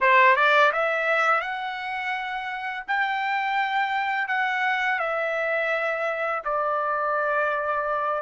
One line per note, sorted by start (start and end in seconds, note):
0.00 0.35 C5
0.35 0.71 D5
0.72 1.40 E5
1.40 2.83 F#5
2.87 4.28 G5
4.28 4.99 F#5
4.99 6.42 E5
6.44 8.22 D5